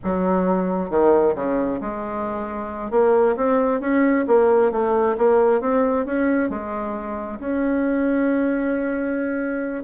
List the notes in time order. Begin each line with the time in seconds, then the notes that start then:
0.03 F#3
0.90 D#3
1.35 C#3
1.80 G#3
2.91 A#3
3.36 C4
3.80 C#4
4.27 A#3
4.71 A3
5.17 A#3
5.60 C4
6.05 C#4
6.49 G#3
7.39 C#4